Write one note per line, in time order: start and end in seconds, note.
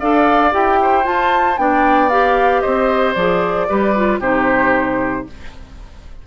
0.00 0.54 D4
0.00 0.52 A4
0.00 0.79 D5
0.00 0.53 F5
0.52 1.06 E4
0.52 1.04 G4
0.52 1.06 G5
0.82 1.61 C5
1.04 1.56 F4
1.04 1.58 F4
1.04 1.58 A5
1.58 2.63 B3
1.58 2.11 D4
1.58 2.62 D5
1.58 2.10 G5
2.10 3.16 G4
2.10 2.61 F5
2.61 3.16 C4
2.61 3.67 C5
2.61 3.14 D#5
3.14 3.68 F3
3.14 3.69 G#4
3.14 4.20 D5
3.69 4.20 G3
3.69 3.95 G4
3.69 4.21 B4
3.96 4.22 F4
4.20 5.25 C3
4.20 5.27 D#4
4.20 5.26 G4
4.20 5.27 C5